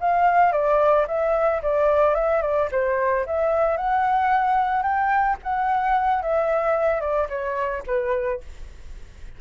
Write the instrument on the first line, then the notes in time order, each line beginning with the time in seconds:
flute
0.00 F5
0.52 D5
1.07 E5
1.62 D5
2.15 E5
2.42 D5
2.71 C5
3.26 E5
3.77 F#5
4.83 G5
5.43 F#5
6.22 E5
7.01 D5
7.29 C#5
7.86 B4